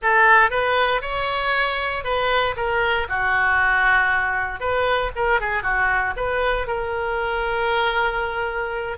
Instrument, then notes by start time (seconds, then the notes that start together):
oboe
0.02 A4
0.50 B4
1.01 C#5
2.03 B4
2.56 A#4
3.08 F#4
4.59 B4
5.15 A#4
5.40 G#4
5.62 F#4
6.16 B4
6.67 A#4